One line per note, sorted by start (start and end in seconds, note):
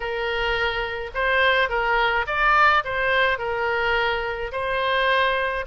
0.00 1.10 A#4
1.14 1.69 C5
1.69 2.25 A#4
2.26 2.83 D5
2.84 3.38 C5
3.38 4.51 A#4
4.52 5.65 C5